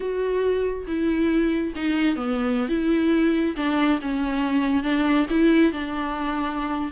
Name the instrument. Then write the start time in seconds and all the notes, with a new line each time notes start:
viola
0.00 F#4
0.87 E4
1.75 D#4
2.16 B3
2.68 E4
3.56 D4
4.01 C#4
4.83 D4
5.30 E4
5.72 D4